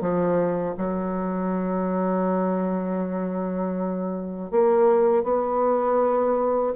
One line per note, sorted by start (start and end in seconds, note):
0.00 0.75 F3
0.77 4.50 F#3
4.50 5.23 A#3
5.23 6.73 B3